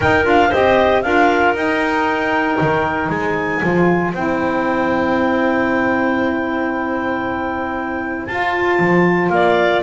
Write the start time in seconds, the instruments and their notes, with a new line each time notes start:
0.00 double bass D#4, saxophone D#4, clarinet A#4 G5
0.23 double bass D4, saxophone F4, clarinet F5
0.48 double bass C4, saxophone G4, clarinet C5 D#5
1.02 double bass D4, saxophone F4, clarinet A#4 F5
1.53 double bass D#4, saxophone D#4, clarinet G5
2.61 double bass D#3
3.09 double bass G#3, clarinet C5 G#5
3.61 double bass F3, saxophone F4
4.13 double bass C4, saxophone E4, clarinet G5
8.25 double bass F4, saxophone F4, clarinet A5
8.79 double bass F3
9.29 double bass A#3, clarinet D5 F5